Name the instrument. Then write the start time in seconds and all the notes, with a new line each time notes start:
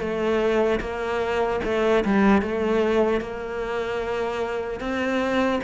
cello
0.00 A3
0.80 A#3
1.64 A3
2.04 G3
2.42 A3
3.21 A#3
4.80 C4